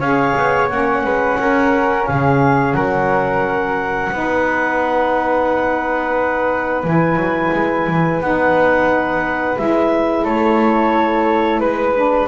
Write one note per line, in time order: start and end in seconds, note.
0.00 0.35 C#4
0.00 0.70 G#4
0.00 1.02 C#5
0.00 0.69 F5
0.37 0.71 B3
0.70 1.05 A#3
0.70 4.11 C#4
0.70 2.06 F#5
1.04 1.39 G#3
1.04 1.38 B4
1.40 2.08 C#4
1.40 2.09 A#4
2.06 2.75 C#3
2.06 2.76 G#4
2.06 2.74 F5
2.74 4.11 F#3
2.74 4.12 A#4
2.74 6.83 F#5
4.12 6.84 B3
4.12 6.84 D#4
4.12 10.24 B4
6.84 7.16 E3
6.84 8.21 E4
6.84 8.22 G#5
7.16 7.50 F#3
7.53 7.87 G#3
7.87 8.21 E3
8.21 9.58 B3
8.21 9.57 D#4
8.21 9.58 F#5
9.57 10.25 G#3
9.57 11.95 E4
9.57 10.26 E5
10.24 11.61 A3
10.24 11.61 A4
10.24 11.60 C#5
11.60 12.29 G#3
11.60 12.29 B4
11.95 12.29 D4